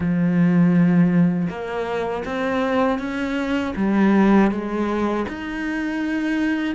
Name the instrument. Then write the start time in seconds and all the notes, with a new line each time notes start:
cello
0.00 F3
1.49 A#3
2.24 C4
2.98 C#4
3.76 G3
4.51 G#3
5.28 D#4